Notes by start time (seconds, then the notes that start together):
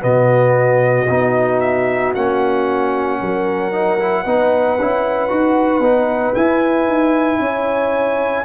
0.00 B2 B3 F#4 D#5
1.09 B3 D#4
1.60 E5
2.15 A#3 C#4 F#5
3.20 F#3 A#4
3.72 D#4
3.99 E4
4.23 B3 D#4 B4
4.79 C#4 E4
5.29 D#4 F#4
5.79 B3 D#4
6.34 E4 G#5
6.86 D#4
7.38 C#4 C#5